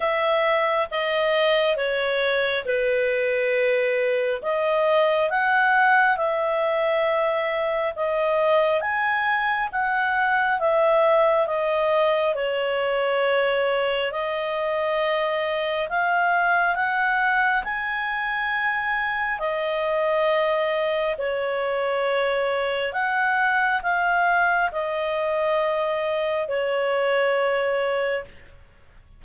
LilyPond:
\new Staff \with { instrumentName = "clarinet" } { \time 4/4 \tempo 4 = 68 e''4 dis''4 cis''4 b'4~ | b'4 dis''4 fis''4 e''4~ | e''4 dis''4 gis''4 fis''4 | e''4 dis''4 cis''2 |
dis''2 f''4 fis''4 | gis''2 dis''2 | cis''2 fis''4 f''4 | dis''2 cis''2 | }